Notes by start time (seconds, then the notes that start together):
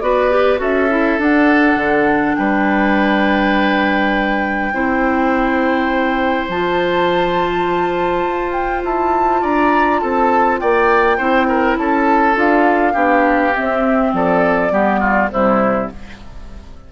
0.00 B3 F#4 B4 D5
0.30 G4
0.58 C#4 F#4 A4 E5
0.90 E4
1.19 D4 F#5
1.76 D3
2.36 G3 B4 G5
4.73 C4 E4 C5
6.48 F3 F4 A5
8.25 F4
8.52 G5
8.83 E4 A5
9.42 D4 D5 A#5
10.00 C4 A4 A5
10.59 A#3 D5 G5
11.18 C4 E4 C5
11.48 A#4
11.78 C#4 A4 A5
12.35 D4 F4 F5
12.93 B3 D4 G4
13.55 C4 E5
14.13 F3 A4 D5
14.71 G3 B3 G4
15.00 F4
15.31 C3 G3 E4 C5